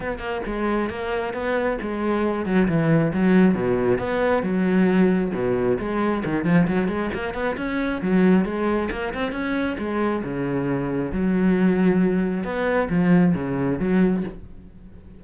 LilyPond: \new Staff \with { instrumentName = "cello" } { \time 4/4 \tempo 4 = 135 b8 ais8 gis4 ais4 b4 | gis4. fis8 e4 fis4 | b,4 b4 fis2 | b,4 gis4 dis8 f8 fis8 gis8 |
ais8 b8 cis'4 fis4 gis4 | ais8 c'8 cis'4 gis4 cis4~ | cis4 fis2. | b4 f4 cis4 fis4 | }